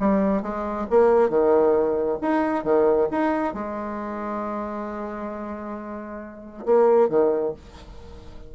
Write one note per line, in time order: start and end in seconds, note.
0.00 0.43 G3
0.43 0.87 G#3
0.91 1.30 A#3
1.30 2.19 D#3
2.22 2.64 D#4
2.64 3.08 D#3
3.12 3.54 D#4
3.54 6.65 G#3
6.66 7.09 A#3
7.09 7.54 D#3